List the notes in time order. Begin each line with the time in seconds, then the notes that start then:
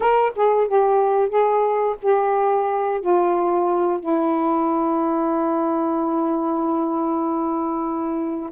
0.00 A#4
0.35 G#4
0.67 G4
1.28 G#4
2.02 G4
3.01 F4
4.00 E4